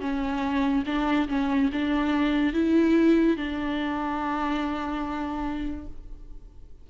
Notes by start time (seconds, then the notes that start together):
0.00 C#4
0.86 D4
1.28 C#4
1.72 D4
2.53 E4
3.37 D4